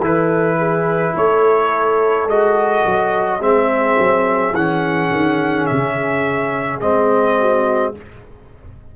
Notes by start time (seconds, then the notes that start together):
0.00 E3 E4 A4 B4
0.58 G#4
1.14 A3 A4 C#5
2.26 G#3 F#4 D#5
2.85 F#3
3.40 G#3 C4 G#4 E5
3.98 F#3
4.53 E3 C#4 F#5
5.11 D#3
5.66 C#3 E5
6.80 G#3 C4 D#5
7.39 F#4